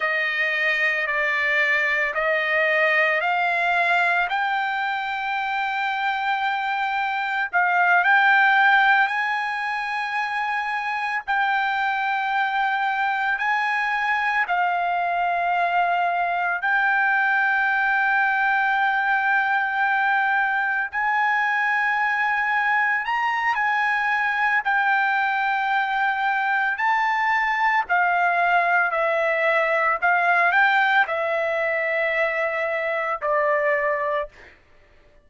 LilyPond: \new Staff \with { instrumentName = "trumpet" } { \time 4/4 \tempo 4 = 56 dis''4 d''4 dis''4 f''4 | g''2. f''8 g''8~ | g''8 gis''2 g''4.~ | g''8 gis''4 f''2 g''8~ |
g''2.~ g''8 gis''8~ | gis''4. ais''8 gis''4 g''4~ | g''4 a''4 f''4 e''4 | f''8 g''8 e''2 d''4 | }